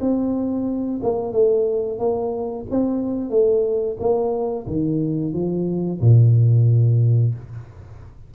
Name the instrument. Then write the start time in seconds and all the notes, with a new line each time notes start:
tuba
0.00 C4
1.02 A#3
1.32 A3
1.98 A#3
2.70 C4
3.30 A3
3.99 A#3
4.66 D#3
5.33 F3
6.01 A#2